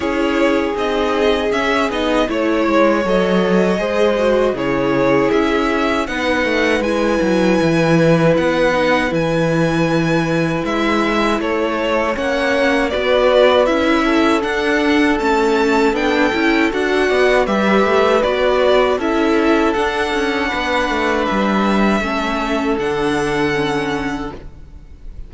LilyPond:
<<
  \new Staff \with { instrumentName = "violin" } { \time 4/4 \tempo 4 = 79 cis''4 dis''4 e''8 dis''8 cis''4 | dis''2 cis''4 e''4 | fis''4 gis''2 fis''4 | gis''2 e''4 cis''4 |
fis''4 d''4 e''4 fis''4 | a''4 g''4 fis''4 e''4 | d''4 e''4 fis''2 | e''2 fis''2 | }
  \new Staff \with { instrumentName = "violin" } { \time 4/4 gis'2. cis''4~ | cis''4 c''4 gis'2 | b'1~ | b'2. a'4 |
cis''4 b'4. a'4.~ | a'2~ a'8 d''8 b'4~ | b'4 a'2 b'4~ | b'4 a'2. | }
  \new Staff \with { instrumentName = "viola" } { \time 4/4 e'4 dis'4 cis'8 dis'8 e'4 | a'4 gis'8 fis'8 e'2 | dis'4 e'2~ e'8 dis'8 | e'1 |
cis'4 fis'4 e'4 d'4 | cis'4 d'8 e'8 fis'4 g'4 | fis'4 e'4 d'2~ | d'4 cis'4 d'4 cis'4 | }
  \new Staff \with { instrumentName = "cello" } { \time 4/4 cis'4 c'4 cis'8 b8 a8 gis8 | fis4 gis4 cis4 cis'4 | b8 a8 gis8 fis8 e4 b4 | e2 gis4 a4 |
ais4 b4 cis'4 d'4 | a4 b8 cis'8 d'8 b8 g8 a8 | b4 cis'4 d'8 cis'8 b8 a8 | g4 a4 d2 | }
>>